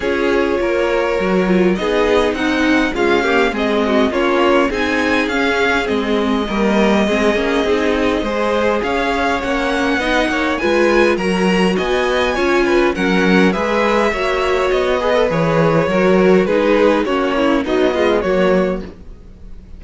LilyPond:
<<
  \new Staff \with { instrumentName = "violin" } { \time 4/4 \tempo 4 = 102 cis''2. dis''4 | fis''4 f''4 dis''4 cis''4 | gis''4 f''4 dis''2~ | dis''2. f''4 |
fis''2 gis''4 ais''4 | gis''2 fis''4 e''4~ | e''4 dis''4 cis''2 | b'4 cis''4 dis''4 cis''4 | }
  \new Staff \with { instrumentName = "violin" } { \time 4/4 gis'4 ais'2 gis'4 | dis'4 f'8 g'8 gis'8 fis'8 f'4 | gis'2. ais'4 | gis'2 c''4 cis''4~ |
cis''4 dis''8 cis''8 b'4 ais'4 | dis''4 cis''8 b'8 ais'4 b'4 | cis''4. b'4. ais'4 | gis'4 fis'8 e'8 dis'8 f'8 fis'4 | }
  \new Staff \with { instrumentName = "viola" } { \time 4/4 f'2 fis'8 f'8 dis'4~ | dis'4 gis8 ais8 c'4 cis'4 | dis'4 cis'4 c'4 ais4 | c'8 cis'8 dis'4 gis'2 |
cis'4 dis'4 f'4 fis'4~ | fis'4 f'4 cis'4 gis'4 | fis'4. gis'16 a'16 gis'4 fis'4 | dis'4 cis'4 fis8 gis8 ais4 | }
  \new Staff \with { instrumentName = "cello" } { \time 4/4 cis'4 ais4 fis4 b4 | c'4 cis'4 gis4 ais4 | c'4 cis'4 gis4 g4 | gis8 ais8 c'4 gis4 cis'4 |
ais4 b8 ais8 gis4 fis4 | b4 cis'4 fis4 gis4 | ais4 b4 e4 fis4 | gis4 ais4 b4 fis4 | }
>>